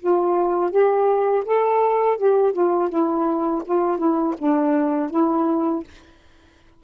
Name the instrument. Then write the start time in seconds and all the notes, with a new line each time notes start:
saxophone
0.00 F4
0.71 G4
1.45 A4
2.18 G4
2.54 F4
2.90 E4
3.66 F4
3.98 E4
4.39 D4
5.11 E4